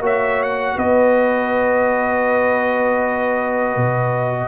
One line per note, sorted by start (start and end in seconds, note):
0.00 0.75 A#3
0.00 4.48 F#4
0.00 0.76 C#5
0.00 0.43 E5
0.43 0.78 F#5
0.76 3.76 B3
0.76 4.48 B4
0.76 4.48 D#5
3.76 4.48 B2